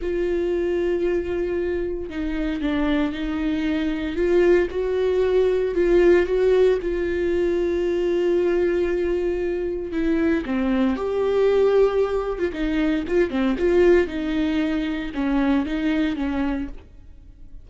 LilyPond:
\new Staff \with { instrumentName = "viola" } { \time 4/4 \tempo 4 = 115 f'1 | dis'4 d'4 dis'2 | f'4 fis'2 f'4 | fis'4 f'2.~ |
f'2. e'4 | c'4 g'2~ g'8. f'16 | dis'4 f'8 c'8 f'4 dis'4~ | dis'4 cis'4 dis'4 cis'4 | }